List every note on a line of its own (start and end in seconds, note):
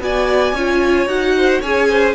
0.00 0.53 B3
0.00 0.54 F#4
0.00 0.55 D5
0.00 1.08 G#5
0.53 1.07 C#4
0.53 1.09 F4
0.53 1.35 C#5
1.07 1.60 D#4
1.07 1.62 F#4
1.07 1.62 F#5
1.37 1.62 C5
1.62 2.15 C#4
1.62 2.15 G#4
1.62 1.89 C#5
1.62 2.15 G#5
1.90 2.15 C5